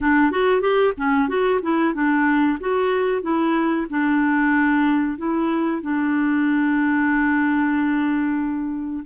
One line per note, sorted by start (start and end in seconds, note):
0.00 0.31 D4
0.31 0.61 F#4
0.61 0.93 G4
0.97 1.28 C#4
1.28 1.60 F#4
1.62 1.94 E4
1.94 2.58 D4
2.60 3.22 F#4
3.22 3.86 E4
3.89 5.17 D4
5.17 5.82 E4
5.82 9.04 D4